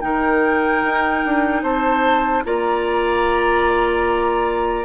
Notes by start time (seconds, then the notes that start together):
0.00 D#3 D#4 A#4 G5
0.83 D#4
1.24 D4
1.62 C4 C5 A5
2.45 A#3 F4 D5 A#5